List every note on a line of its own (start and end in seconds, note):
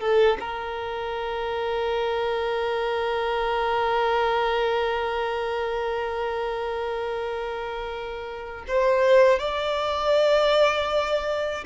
0.00 0.38 A4
0.40 8.65 A#4
8.67 9.39 C5
9.39 11.64 D5